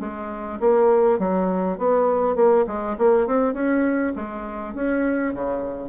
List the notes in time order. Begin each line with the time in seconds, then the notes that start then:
0.00 G#3
0.60 A#3
1.19 F#3
1.78 B3
2.35 A#3
2.67 G#3
2.98 A#3
3.27 C4
3.54 C#4
4.16 G#3
4.75 C#4
5.34 C#3